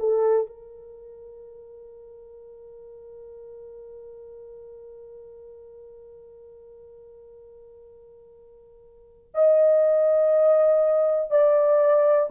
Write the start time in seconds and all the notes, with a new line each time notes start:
0.00 A4
0.47 A#4
9.34 D#5
11.31 D5